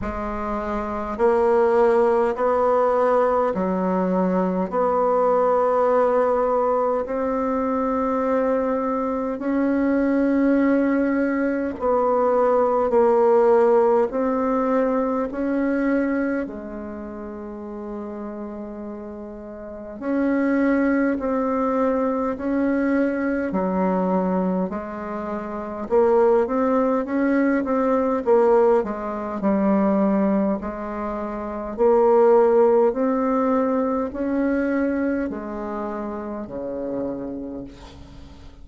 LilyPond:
\new Staff \with { instrumentName = "bassoon" } { \time 4/4 \tempo 4 = 51 gis4 ais4 b4 fis4 | b2 c'2 | cis'2 b4 ais4 | c'4 cis'4 gis2~ |
gis4 cis'4 c'4 cis'4 | fis4 gis4 ais8 c'8 cis'8 c'8 | ais8 gis8 g4 gis4 ais4 | c'4 cis'4 gis4 cis4 | }